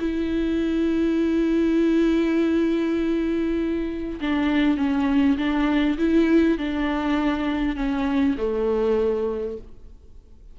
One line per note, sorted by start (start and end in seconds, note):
0.00 4.20 E4
4.21 4.77 D4
4.77 5.37 C#4
5.37 5.97 D4
5.98 6.58 E4
6.58 7.76 D4
7.76 8.36 C#4
8.38 9.58 A3